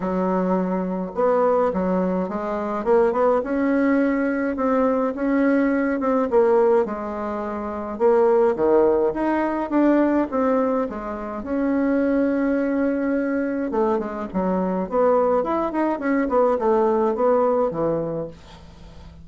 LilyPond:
\new Staff \with { instrumentName = "bassoon" } { \time 4/4 \tempo 4 = 105 fis2 b4 fis4 | gis4 ais8 b8 cis'2 | c'4 cis'4. c'8 ais4 | gis2 ais4 dis4 |
dis'4 d'4 c'4 gis4 | cis'1 | a8 gis8 fis4 b4 e'8 dis'8 | cis'8 b8 a4 b4 e4 | }